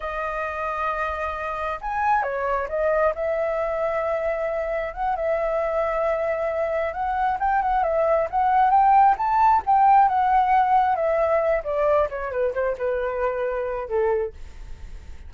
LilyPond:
\new Staff \with { instrumentName = "flute" } { \time 4/4 \tempo 4 = 134 dis''1 | gis''4 cis''4 dis''4 e''4~ | e''2. fis''8 e''8~ | e''2.~ e''8 fis''8~ |
fis''8 g''8 fis''8 e''4 fis''4 g''8~ | g''8 a''4 g''4 fis''4.~ | fis''8 e''4. d''4 cis''8 b'8 | c''8 b'2~ b'8 a'4 | }